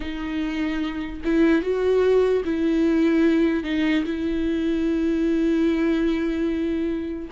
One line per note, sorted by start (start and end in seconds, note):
0.00 1.21 D#4
1.24 1.62 E4
1.62 2.43 F#4
2.45 3.63 E4
3.63 4.04 D#4
4.04 7.29 E4